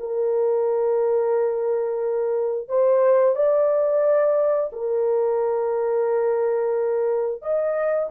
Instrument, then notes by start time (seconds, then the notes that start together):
horn
0.00 A#4
2.69 C5
3.36 D5
4.73 A#4
7.42 D#5